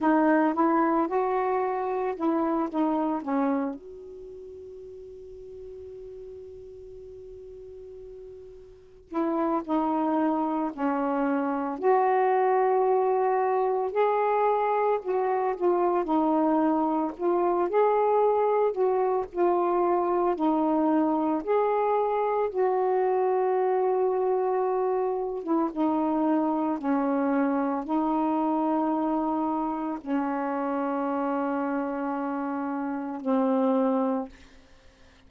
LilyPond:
\new Staff \with { instrumentName = "saxophone" } { \time 4/4 \tempo 4 = 56 dis'8 e'8 fis'4 e'8 dis'8 cis'8 fis'8~ | fis'1~ | fis'8 e'8 dis'4 cis'4 fis'4~ | fis'4 gis'4 fis'8 f'8 dis'4 |
f'8 gis'4 fis'8 f'4 dis'4 | gis'4 fis'2~ fis'8. e'16 | dis'4 cis'4 dis'2 | cis'2. c'4 | }